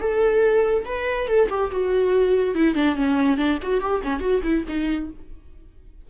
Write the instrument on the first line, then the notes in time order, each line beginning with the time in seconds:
viola
0.00 A4
0.85 B4
1.28 A4
1.50 G4
1.72 F#4
2.55 E4
2.75 D4
2.96 C#4
3.37 D4
3.62 F#4
3.81 G4
4.03 C#4
4.20 F#4
4.43 E4
4.68 D#4